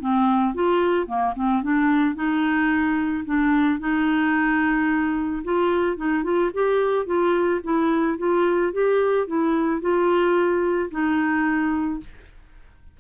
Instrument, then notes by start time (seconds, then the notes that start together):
clarinet
0.00 C4
0.55 F4
1.07 A#3
1.36 C4
1.63 D4
2.15 D#4
3.25 D4
3.80 D#4
5.44 F4
5.97 D#4
6.24 F4
6.54 G4
7.06 F4
7.64 E4
8.18 F4
8.73 G4
9.27 E4
9.81 F4
10.91 D#4